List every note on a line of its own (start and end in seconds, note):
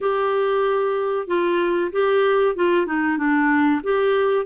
0.00 1.27 G4
1.27 1.91 F4
1.91 2.55 G4
2.55 2.86 F4
2.86 3.17 D#4
3.17 3.81 D4
3.83 4.45 G4